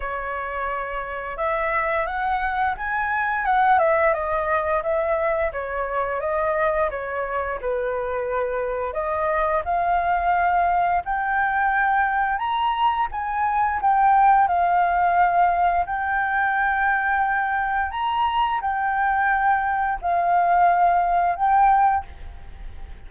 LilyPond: \new Staff \with { instrumentName = "flute" } { \time 4/4 \tempo 4 = 87 cis''2 e''4 fis''4 | gis''4 fis''8 e''8 dis''4 e''4 | cis''4 dis''4 cis''4 b'4~ | b'4 dis''4 f''2 |
g''2 ais''4 gis''4 | g''4 f''2 g''4~ | g''2 ais''4 g''4~ | g''4 f''2 g''4 | }